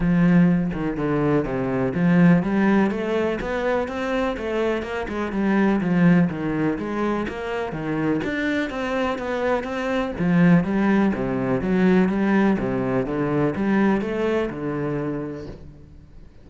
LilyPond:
\new Staff \with { instrumentName = "cello" } { \time 4/4 \tempo 4 = 124 f4. dis8 d4 c4 | f4 g4 a4 b4 | c'4 a4 ais8 gis8 g4 | f4 dis4 gis4 ais4 |
dis4 d'4 c'4 b4 | c'4 f4 g4 c4 | fis4 g4 c4 d4 | g4 a4 d2 | }